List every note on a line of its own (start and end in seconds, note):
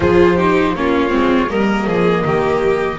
0.00 0.75 F3
0.00 0.37 F4
0.00 0.35 G#4
0.00 0.75 C5
0.35 0.75 D#4
0.35 0.73 G4
0.75 1.12 A#3
0.75 1.09 C#4
0.75 1.49 F4
0.75 1.50 C#5
1.09 1.50 G#3
1.09 1.46 C4
1.48 1.86 G3
1.48 2.98 A#3
1.48 1.86 A#4
1.48 2.98 D#5
1.86 2.24 F3
1.86 2.24 G#4
2.24 2.98 D#3
2.24 2.98 G4